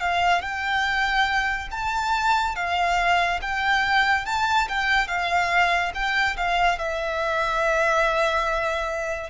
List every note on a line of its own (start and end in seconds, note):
0.00 0.41 F5
0.41 1.68 G5
1.71 2.55 A5
2.55 3.40 F5
3.41 4.25 G5
4.25 4.67 A5
4.68 5.07 G5
5.07 5.92 F5
5.94 6.36 G5
6.36 6.78 F5
6.78 9.30 E5